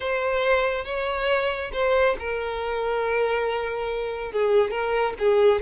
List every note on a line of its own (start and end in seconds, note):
0.00 0.84 C5
0.84 1.71 C#5
1.73 2.16 C5
2.19 4.32 A#4
4.32 4.70 G#4
4.70 5.13 A#4
5.19 5.61 G#4